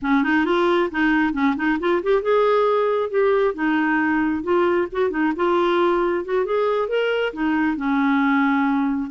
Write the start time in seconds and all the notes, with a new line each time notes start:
0.02 C#4
0.23 D#4
0.45 F4
0.91 D#4
1.33 C#4
1.56 D#4
1.79 F4
2.02 G4
2.22 G#4
3.09 G4
3.54 D#4
4.43 F4
4.92 F#4
5.10 D#4
5.36 F4
6.24 F#4
6.45 G#4
6.88 A#4
7.33 D#4
7.77 C#4